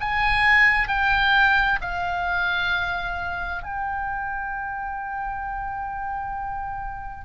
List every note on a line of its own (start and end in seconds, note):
0.00 0.88 G#5
0.88 1.79 G5
1.81 3.62 F5
3.62 7.25 G5